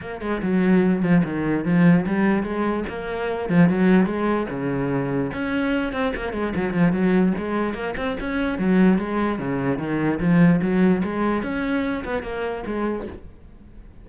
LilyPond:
\new Staff \with { instrumentName = "cello" } { \time 4/4 \tempo 4 = 147 ais8 gis8 fis4. f8 dis4 | f4 g4 gis4 ais4~ | ais8 f8 fis4 gis4 cis4~ | cis4 cis'4. c'8 ais8 gis8 |
fis8 f8 fis4 gis4 ais8 c'8 | cis'4 fis4 gis4 cis4 | dis4 f4 fis4 gis4 | cis'4. b8 ais4 gis4 | }